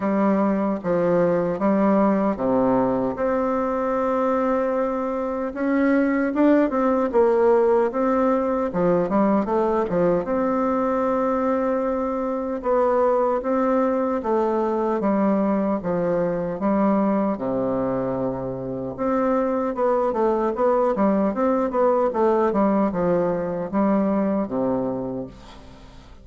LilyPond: \new Staff \with { instrumentName = "bassoon" } { \time 4/4 \tempo 4 = 76 g4 f4 g4 c4 | c'2. cis'4 | d'8 c'8 ais4 c'4 f8 g8 | a8 f8 c'2. |
b4 c'4 a4 g4 | f4 g4 c2 | c'4 b8 a8 b8 g8 c'8 b8 | a8 g8 f4 g4 c4 | }